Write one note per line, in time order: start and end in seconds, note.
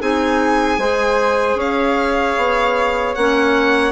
0.00 0.78 C4
0.00 0.79 D#4
0.00 0.80 G#4
0.00 1.60 G#5
0.78 1.55 G#3
0.78 3.17 G#4
0.78 1.58 C5
1.55 2.34 C#4
1.55 3.93 C#5
1.55 3.15 F5
2.37 3.16 B3
3.15 3.93 A#3
3.15 3.93 C#4
3.15 3.93 F#5